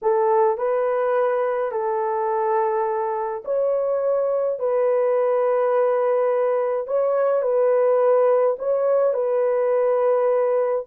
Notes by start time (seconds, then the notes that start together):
0.02 A4
0.57 B4
1.71 A4
3.44 C#5
4.59 B4
6.87 C#5
7.42 B4
8.58 C#5
9.13 B4